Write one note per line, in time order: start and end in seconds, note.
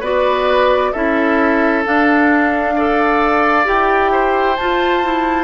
0.00 0.92 B3
0.00 0.94 F#4
0.00 0.91 B4
0.00 0.93 D5
0.93 1.85 C#4
0.93 1.85 E4
0.93 2.74 A4
0.93 1.84 E5
1.85 2.76 D4
1.85 3.66 D4
1.85 3.68 F5
2.75 3.65 A4
2.75 4.12 D5
3.65 4.57 E4
3.65 4.55 G4
3.65 4.56 G5
4.12 5.44 C5
4.56 5.44 F4
4.56 5.03 F4
4.56 5.44 A5
5.03 5.44 E4